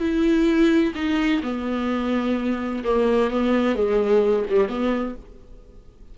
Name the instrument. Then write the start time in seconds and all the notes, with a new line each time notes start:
viola
0.00 E4
0.95 D#4
1.43 B3
2.85 A#3
3.31 B3
3.76 G#3
4.50 G3
4.69 B3